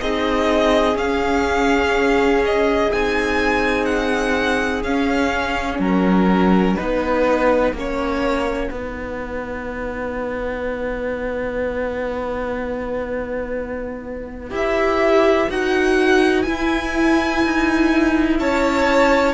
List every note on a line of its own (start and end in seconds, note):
0.00 0.95 C4
0.00 0.94 D#4
0.00 5.80 G#4
0.00 0.97 D#5
0.94 2.88 C#4
0.94 2.43 F5
2.45 2.92 D#5
2.92 4.84 C4
2.92 4.86 D#4
2.92 3.85 G#5
3.85 4.82 F#5
4.83 5.79 C#4
4.83 6.77 C#4
4.83 5.79 F5
5.79 6.76 F#3
5.79 6.76 A#4
5.79 14.50 F#5
6.76 7.72 B3
6.76 7.74 D#4
6.76 7.73 B4
7.72 8.69 A#3
7.72 8.72 C#4
7.79 8.71 C#5
8.70 14.51 B3
8.70 14.50 D#4
8.70 18.38 B4
14.50 15.48 E4
14.50 15.47 G4
14.50 15.50 E5
15.49 16.46 D#4
15.49 16.46 F#4
15.49 16.42 F#5
16.42 19.34 E4
16.42 17.44 E4
16.42 18.36 G#5
17.44 18.39 D#4
18.39 19.34 C#4
18.39 19.34 C#5
18.39 19.34 A5